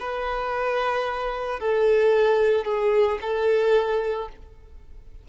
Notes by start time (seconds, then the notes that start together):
0.00 B4
1.60 A4
2.65 G#4
3.21 A4